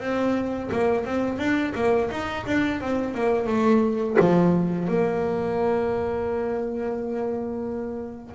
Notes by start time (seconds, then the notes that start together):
0.00 C4
0.71 A#3
1.05 C4
1.38 D4
1.75 A#3
2.11 D#4
2.46 D4
2.81 C4
3.14 A#3
3.47 A3
4.20 F3
4.88 A#3